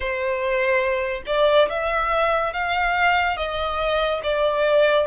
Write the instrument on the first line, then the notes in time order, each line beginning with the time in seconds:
violin
0.00 C5
1.26 D5
1.69 E5
2.53 F5
3.36 D#5
4.23 D5